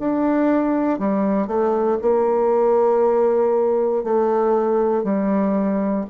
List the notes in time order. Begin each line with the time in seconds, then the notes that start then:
0.00 D4
0.99 G3
1.47 A3
2.02 A#3
4.04 A3
5.04 G3